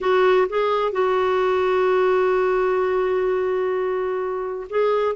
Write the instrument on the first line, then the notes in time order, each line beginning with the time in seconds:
clarinet
0.00 F#4
0.49 G#4
0.92 F#4
4.69 G#4